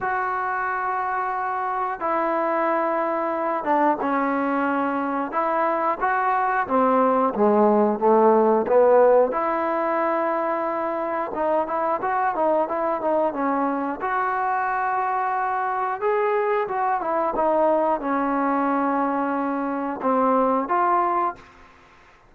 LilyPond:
\new Staff \with { instrumentName = "trombone" } { \time 4/4 \tempo 4 = 90 fis'2. e'4~ | e'4. d'8 cis'2 | e'4 fis'4 c'4 gis4 | a4 b4 e'2~ |
e'4 dis'8 e'8 fis'8 dis'8 e'8 dis'8 | cis'4 fis'2. | gis'4 fis'8 e'8 dis'4 cis'4~ | cis'2 c'4 f'4 | }